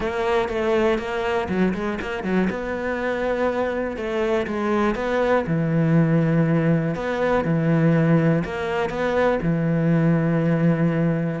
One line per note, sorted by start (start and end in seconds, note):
0.00 0.48 A#3
0.48 0.98 A3
0.98 1.48 A#3
1.48 1.73 F#3
1.74 1.98 G#3
2.01 2.23 A#3
2.23 2.48 F#3
2.50 3.97 B3
3.97 4.46 A3
4.46 4.95 G#3
4.95 5.44 B3
5.46 6.95 E3
6.95 7.44 B3
7.44 8.43 E3
8.44 8.89 A#3
8.89 9.39 B3
9.42 11.40 E3